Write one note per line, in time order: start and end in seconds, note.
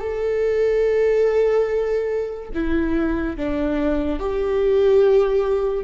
0.00 2.50 A4
2.54 3.37 E4
3.37 4.20 D4
4.20 5.84 G4